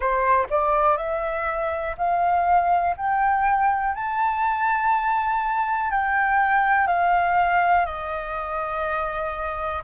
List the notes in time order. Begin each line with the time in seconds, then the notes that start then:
0.00 C5
0.50 D5
0.97 E5
1.97 F5
2.96 G5
3.94 A5
5.91 G5
6.87 F5
7.85 D#5